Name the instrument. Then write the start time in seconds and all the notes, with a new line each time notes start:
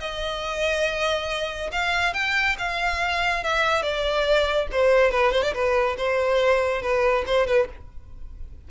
violin
0.00 D#5
1.72 F5
2.14 G5
2.58 F5
3.44 E5
3.82 D5
4.71 C5
5.11 B4
5.32 C5
5.43 D5
5.54 B4
5.98 C5
6.82 B4
7.26 C5
7.47 B4